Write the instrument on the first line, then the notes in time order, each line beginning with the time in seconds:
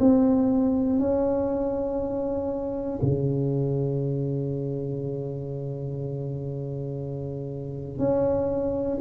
tuba
0.00 C4
1.00 C#4
3.03 C#3
7.99 C#4